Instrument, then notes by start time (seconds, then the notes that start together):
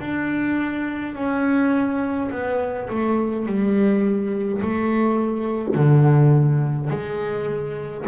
double bass
0.00 D4
1.15 C#4
2.31 B3
2.90 A3
3.46 G3
4.62 A3
5.75 D3
6.90 G#3